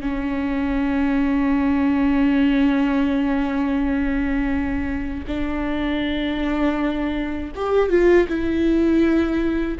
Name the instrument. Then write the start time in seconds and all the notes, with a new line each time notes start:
viola
0.00 C#4
5.27 D4
7.55 G4
7.90 F4
8.28 E4